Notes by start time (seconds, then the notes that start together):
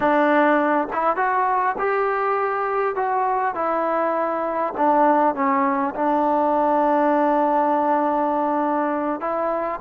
0.00 D4
0.92 E4
1.16 F#4
1.78 G4
2.95 F#4
3.55 E4
4.77 D4
5.34 C#4
5.95 D4
9.20 E4